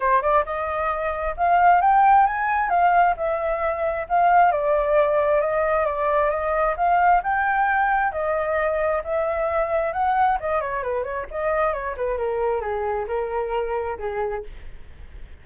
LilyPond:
\new Staff \with { instrumentName = "flute" } { \time 4/4 \tempo 4 = 133 c''8 d''8 dis''2 f''4 | g''4 gis''4 f''4 e''4~ | e''4 f''4 d''2 | dis''4 d''4 dis''4 f''4 |
g''2 dis''2 | e''2 fis''4 dis''8 cis''8 | b'8 cis''8 dis''4 cis''8 b'8 ais'4 | gis'4 ais'2 gis'4 | }